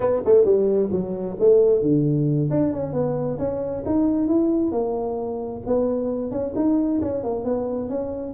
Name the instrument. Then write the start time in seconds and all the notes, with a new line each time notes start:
tuba
0.00 B3
0.25 A3
0.44 G3
0.91 F#3
1.39 A3
1.82 D3
2.50 D4
2.72 C#4
2.93 B3
3.38 C#4
3.85 D#4
4.27 E4
4.71 A#3
5.66 B3
6.31 C#4
6.55 D#4
7.01 C#4
7.23 A#3
7.44 B3
7.89 C#4